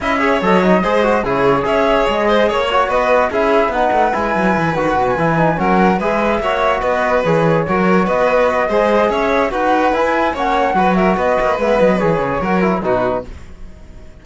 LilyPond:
<<
  \new Staff \with { instrumentName = "flute" } { \time 4/4 \tempo 4 = 145 e''4 dis''2 cis''4 | e''4 dis''4 cis''4 dis''4 | e''4 fis''4 gis''4. fis''8~ | fis''16 gis''4~ gis''16 fis''4 e''4.~ |
e''8 dis''4 cis''2 dis''8~ | dis''2 e''4 fis''4 | gis''4 fis''4. e''8 dis''4 | e''8 dis''8 cis''2 b'4 | }
  \new Staff \with { instrumentName = "violin" } { \time 4/4 dis''8 cis''4. c''4 gis'4 | cis''4. c''8 cis''4 b'4 | gis'4 b'2.~ | b'4. ais'4 b'4 cis''8~ |
cis''8 b'2 ais'4 b'8~ | b'4 c''4 cis''4 b'4~ | b'4 cis''4 b'8 ais'8 b'4~ | b'2 ais'4 fis'4 | }
  \new Staff \with { instrumentName = "trombone" } { \time 4/4 e'8 gis'8 a'8 dis'8 gis'8 fis'8 e'4 | gis'2~ gis'8 fis'4. | e'4 dis'4 e'4. fis'8~ | fis'8 e'8 dis'8 cis'4 gis'4 fis'8~ |
fis'4. gis'4 fis'4.~ | fis'4 gis'2 fis'4 | e'4 cis'4 fis'2 | b4 gis'4 fis'8 e'8 dis'4 | }
  \new Staff \with { instrumentName = "cello" } { \time 4/4 cis'4 fis4 gis4 cis4 | cis'4 gis4 ais4 b4 | cis'4 b8 a8 gis8 fis8 e8 dis8 | b,8 e4 fis4 gis4 ais8~ |
ais8 b4 e4 fis4 b8~ | b4 gis4 cis'4 dis'4 | e'4 ais4 fis4 b8 ais8 | gis8 fis8 e8 cis8 fis4 b,4 | }
>>